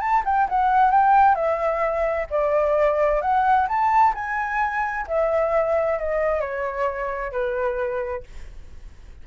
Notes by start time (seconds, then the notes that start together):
0.00 A5
0.25 G5
0.49 F#5
0.91 G5
1.35 E5
2.30 D5
3.21 F#5
3.68 A5
4.15 G#5
5.07 E5
5.99 D#5
6.40 C#5
7.32 B4